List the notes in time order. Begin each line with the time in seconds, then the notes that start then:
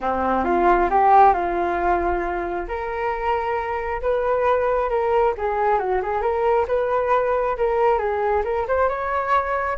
0.00 C4
0.44 F4
0.90 G4
1.33 F4
2.68 A#4
4.01 B4
4.89 A#4
5.37 G#4
5.78 F#4
6.02 G#4
6.21 A#4
6.67 B4
7.57 A#4
7.98 G#4
8.44 A#4
8.67 C5
8.88 C#5